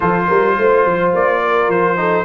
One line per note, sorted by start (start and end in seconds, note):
0.00 0.30 F3
0.00 1.96 F4
0.00 0.27 A4
0.00 1.12 C5
0.27 0.57 G3
0.27 0.55 A#4
0.57 0.85 A3
0.57 1.42 C5
0.85 1.13 F3
1.13 1.68 A#3
1.13 1.70 D5
1.42 1.98 A#4
1.68 2.25 F3
1.68 2.25 C5
1.96 2.25 D#4
1.96 2.25 A4